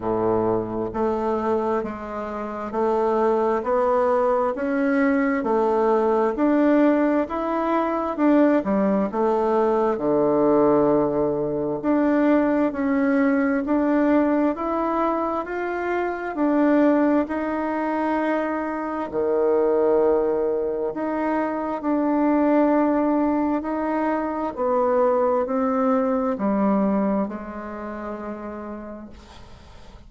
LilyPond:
\new Staff \with { instrumentName = "bassoon" } { \time 4/4 \tempo 4 = 66 a,4 a4 gis4 a4 | b4 cis'4 a4 d'4 | e'4 d'8 g8 a4 d4~ | d4 d'4 cis'4 d'4 |
e'4 f'4 d'4 dis'4~ | dis'4 dis2 dis'4 | d'2 dis'4 b4 | c'4 g4 gis2 | }